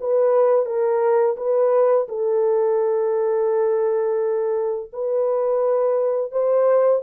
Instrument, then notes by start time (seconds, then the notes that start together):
horn
0.00 B4
0.65 A#4
1.36 B4
2.08 A4
4.92 B4
6.31 C5